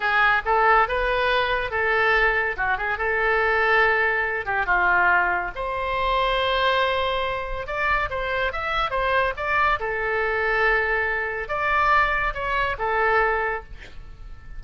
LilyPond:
\new Staff \with { instrumentName = "oboe" } { \time 4/4 \tempo 4 = 141 gis'4 a'4 b'2 | a'2 fis'8 gis'8 a'4~ | a'2~ a'8 g'8 f'4~ | f'4 c''2.~ |
c''2 d''4 c''4 | e''4 c''4 d''4 a'4~ | a'2. d''4~ | d''4 cis''4 a'2 | }